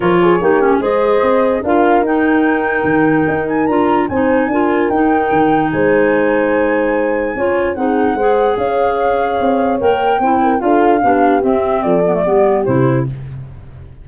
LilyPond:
<<
  \new Staff \with { instrumentName = "flute" } { \time 4/4 \tempo 4 = 147 cis''2 dis''2 | f''4 g''2.~ | g''8 gis''8 ais''4 gis''2 | g''2 gis''2~ |
gis''2. fis''4~ | fis''4 f''2. | g''2 f''2 | e''4 d''2 c''4 | }
  \new Staff \with { instrumentName = "horn" } { \time 4/4 ais'8 gis'8 g'4 c''2 | ais'1~ | ais'2 c''4 ais'4~ | ais'2 c''2~ |
c''2 cis''4 gis'4 | c''4 cis''2.~ | cis''4 c''8 ais'8 a'4 g'4~ | g'4 a'4 g'2 | }
  \new Staff \with { instrumentName = "clarinet" } { \time 4/4 f'4 dis'8 cis'8 gis'2 | f'4 dis'2.~ | dis'4 f'4 dis'4 f'4 | dis'1~ |
dis'2 f'4 dis'4 | gis'1 | ais'4 e'4 f'4 d'4 | c'4. b16 a16 b4 e'4 | }
  \new Staff \with { instrumentName = "tuba" } { \time 4/4 f4 ais4 gis4 c'4 | d'4 dis'2 dis4 | dis'4 d'4 c'4 d'4 | dis'4 dis4 gis2~ |
gis2 cis'4 c'4 | gis4 cis'2 c'4 | ais4 c'4 d'4 b4 | c'4 f4 g4 c4 | }
>>